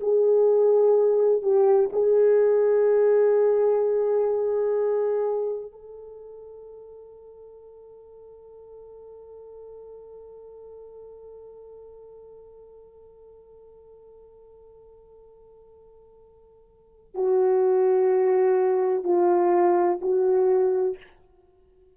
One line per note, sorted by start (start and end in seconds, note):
0.00 1.42 G#4
1.42 1.90 G4
1.93 5.71 G#4
5.71 17.14 A4
17.14 19.04 F#4
19.04 19.99 F4
20.01 20.97 F#4